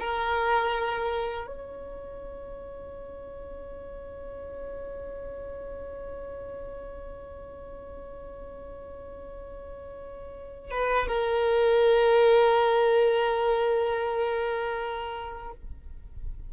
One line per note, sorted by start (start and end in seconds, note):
0.00 1.47 A#4
1.47 10.71 C#5
10.71 11.08 B4
11.08 15.53 A#4